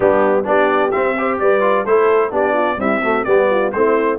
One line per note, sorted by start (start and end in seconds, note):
0.00 0.46 G3
0.00 0.44 B3
0.00 0.44 D4
0.00 0.45 G4
0.44 0.92 B3
0.44 0.90 D4
0.44 1.17 G4
0.44 0.91 D5
0.91 1.16 C4
0.91 1.40 C4
0.91 1.37 E5
1.18 1.61 G4
1.18 1.41 C5
1.39 1.85 G3
1.39 1.88 B4
1.39 1.85 D5
1.61 1.84 F4
1.85 2.31 A3
1.85 2.30 E4
1.85 2.31 A4
1.85 2.32 C5
2.30 2.78 B3
2.30 2.77 D4
2.30 2.53 G4
2.30 2.80 D5
2.53 2.76 F4
2.77 3.00 G3
2.77 3.25 C4
2.77 3.02 E4
2.77 3.24 E5
3.02 3.26 A3
3.02 3.24 F#4
3.24 3.73 G3
3.24 3.72 B3
3.24 3.47 G4
3.24 3.70 D5
3.50 3.73 F4
3.72 4.18 A3
3.72 4.18 C4
3.72 4.18 E4
3.72 4.18 C5